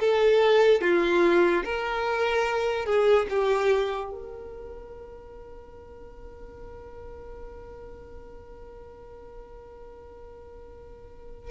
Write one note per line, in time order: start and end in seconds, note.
0.00 0.81 A4
0.81 1.64 F4
1.65 2.86 A#4
2.86 3.27 G#4
3.30 4.12 G4
4.12 11.51 A#4